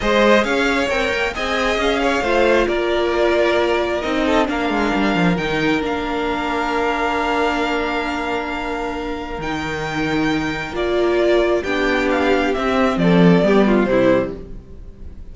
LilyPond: <<
  \new Staff \with { instrumentName = "violin" } { \time 4/4 \tempo 4 = 134 dis''4 f''4 g''4 gis''4 | f''2 d''2~ | d''4 dis''4 f''2 | g''4 f''2.~ |
f''1~ | f''4 g''2. | d''2 g''4 f''4 | e''4 d''2 c''4 | }
  \new Staff \with { instrumentName = "violin" } { \time 4/4 c''4 cis''2 dis''4~ | dis''8 cis''8 c''4 ais'2~ | ais'4. a'8 ais'2~ | ais'1~ |
ais'1~ | ais'1~ | ais'2 g'2~ | g'4 a'4 g'8 f'8 e'4 | }
  \new Staff \with { instrumentName = "viola" } { \time 4/4 gis'2 ais'4 gis'4~ | gis'4 f'2.~ | f'4 dis'4 d'2 | dis'4 d'2.~ |
d'1~ | d'4 dis'2. | f'2 d'2 | c'2 b4 g4 | }
  \new Staff \with { instrumentName = "cello" } { \time 4/4 gis4 cis'4 c'8 ais8 c'4 | cis'4 a4 ais2~ | ais4 c'4 ais8 gis8 g8 f8 | dis4 ais2.~ |
ais1~ | ais4 dis2. | ais2 b2 | c'4 f4 g4 c4 | }
>>